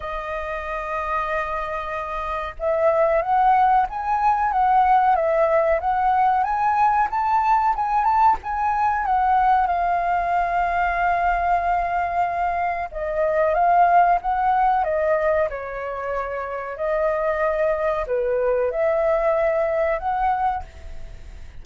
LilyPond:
\new Staff \with { instrumentName = "flute" } { \time 4/4 \tempo 4 = 93 dis''1 | e''4 fis''4 gis''4 fis''4 | e''4 fis''4 gis''4 a''4 | gis''8 a''8 gis''4 fis''4 f''4~ |
f''1 | dis''4 f''4 fis''4 dis''4 | cis''2 dis''2 | b'4 e''2 fis''4 | }